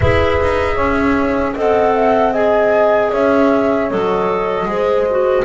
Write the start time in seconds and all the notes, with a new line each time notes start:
0.00 E4 G#4 B4 E5
0.41 D#4
0.74 C#4 C#5
1.55 C4 A4 D#5 F#5
1.94 E5
2.32 G#4 D#5 G#5
3.09 C#4 C#5 E5
3.90 F#3 A4 D#5
4.65 G#3 G#4 C5
5.10 F#4